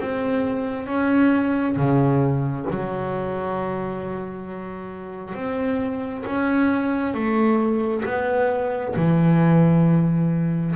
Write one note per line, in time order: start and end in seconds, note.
0.00 0.86 C4
0.86 1.76 C#4
1.77 2.66 C#3
2.70 5.34 F#3
5.34 6.24 C4
6.26 7.14 C#4
7.14 8.04 A3
8.05 8.95 B3
8.96 10.75 E3